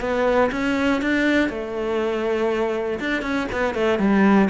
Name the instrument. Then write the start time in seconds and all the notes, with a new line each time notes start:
cello
0.00 B3
0.51 C#4
1.01 D4
1.49 A3
2.99 D4
3.22 C#4
3.51 B3
3.74 A3
3.99 G3